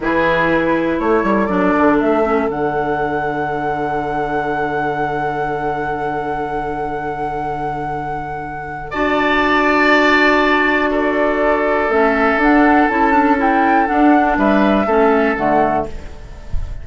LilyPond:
<<
  \new Staff \with { instrumentName = "flute" } { \time 4/4 \tempo 4 = 121 b'2 cis''4 d''4 | e''4 fis''2.~ | fis''1~ | fis''1~ |
fis''2 a''2~ | a''2 d''2 | e''4 fis''4 a''4 g''4 | fis''4 e''2 fis''4 | }
  \new Staff \with { instrumentName = "oboe" } { \time 4/4 gis'2 a'2~ | a'1~ | a'1~ | a'1~ |
a'2 d''2~ | d''2 a'2~ | a'1~ | a'4 b'4 a'2 | }
  \new Staff \with { instrumentName = "clarinet" } { \time 4/4 e'2. d'4~ | d'8 cis'8 d'2.~ | d'1~ | d'1~ |
d'2 fis'2~ | fis'1 | cis'4 d'4 e'8 d'8 e'4 | d'2 cis'4 a4 | }
  \new Staff \with { instrumentName = "bassoon" } { \time 4/4 e2 a8 g8 fis8 d8 | a4 d2.~ | d1~ | d1~ |
d2 d'2~ | d'1 | a4 d'4 cis'2 | d'4 g4 a4 d4 | }
>>